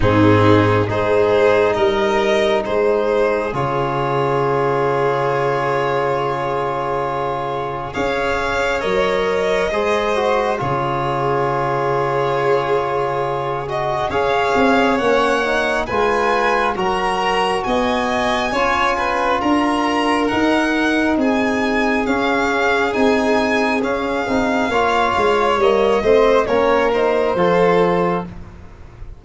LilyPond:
<<
  \new Staff \with { instrumentName = "violin" } { \time 4/4 \tempo 4 = 68 gis'4 c''4 dis''4 c''4 | cis''1~ | cis''4 f''4 dis''2 | cis''2.~ cis''8 dis''8 |
f''4 fis''4 gis''4 ais''4 | gis''2 ais''4 fis''4 | gis''4 f''4 gis''4 f''4~ | f''4 dis''4 cis''8 c''4. | }
  \new Staff \with { instrumentName = "violin" } { \time 4/4 dis'4 gis'4 ais'4 gis'4~ | gis'1~ | gis'4 cis''2 c''4 | gis'1 |
cis''2 b'4 ais'4 | dis''4 cis''8 b'8 ais'2 | gis'1 | cis''4. c''8 ais'4 a'4 | }
  \new Staff \with { instrumentName = "trombone" } { \time 4/4 c'4 dis'2. | f'1~ | f'4 gis'4 ais'4 gis'8 fis'8 | f'2.~ f'8 fis'8 |
gis'4 cis'8 dis'8 f'4 fis'4~ | fis'4 f'2 dis'4~ | dis'4 cis'4 dis'4 cis'8 dis'8 | f'4 ais8 c'8 cis'8 dis'8 f'4 | }
  \new Staff \with { instrumentName = "tuba" } { \time 4/4 gis,4 gis4 g4 gis4 | cis1~ | cis4 cis'4 fis4 gis4 | cis1 |
cis'8 c'8 ais4 gis4 fis4 | b4 cis'4 d'4 dis'4 | c'4 cis'4 c'4 cis'8 c'8 | ais8 gis8 g8 a8 ais4 f4 | }
>>